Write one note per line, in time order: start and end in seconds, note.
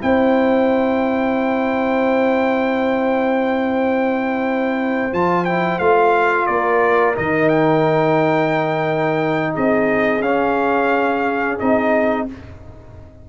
0.00 5.13 C4
0.00 5.11 E4
0.00 6.49 C5
0.00 5.14 G5
5.12 5.80 F3
5.12 5.46 F4
5.12 5.45 A5
5.45 5.81 E4
5.45 5.79 G5
5.79 6.48 A3
5.79 7.15 F4
5.79 6.47 F5
6.47 7.17 A#3
6.47 9.54 A#4
6.47 7.15 D5
7.15 9.57 D#3
7.15 10.22 D#4
7.15 7.49 D#5
7.49 9.54 G5
9.54 10.21 C4
9.54 12.27 G#4
9.54 10.23 D#5
10.21 11.57 C#4
10.21 11.60 C#4
10.21 11.59 F5
11.60 12.30 C4
11.60 12.29 D#4
11.60 12.28 D#5